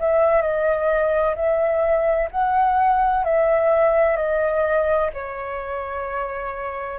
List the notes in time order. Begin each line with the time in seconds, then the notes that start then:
0.00 E5
0.42 D#5
1.36 E5
2.32 F#5
3.25 E5
4.17 D#5
5.14 C#5